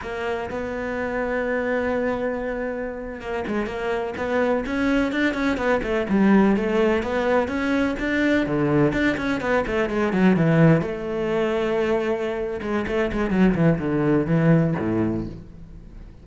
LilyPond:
\new Staff \with { instrumentName = "cello" } { \time 4/4 \tempo 4 = 126 ais4 b2.~ | b2~ b8. ais8 gis8 ais16~ | ais8. b4 cis'4 d'8 cis'8 b16~ | b16 a8 g4 a4 b4 cis'16~ |
cis'8. d'4 d4 d'8 cis'8 b16~ | b16 a8 gis8 fis8 e4 a4~ a16~ | a2~ a8 gis8 a8 gis8 | fis8 e8 d4 e4 a,4 | }